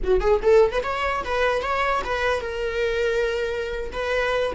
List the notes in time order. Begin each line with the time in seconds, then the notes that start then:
0.03 F#4
0.20 G#4
0.42 A4
0.71 B4
0.83 C#5
1.24 B4
1.61 C#5
2.04 B4
2.40 A#4
3.92 B4